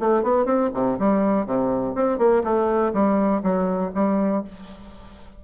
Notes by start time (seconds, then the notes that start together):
0.00 A3
0.23 B3
0.45 C4
0.74 C3
0.99 G3
1.46 C3
1.95 C4
2.18 A#3
2.44 A3
2.93 G3
3.43 F#3
3.95 G3